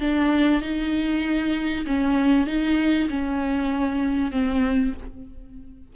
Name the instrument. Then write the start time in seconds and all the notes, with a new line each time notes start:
viola
0.00 D4
0.61 D#4
1.86 C#4
2.47 D#4
3.09 C#4
4.31 C4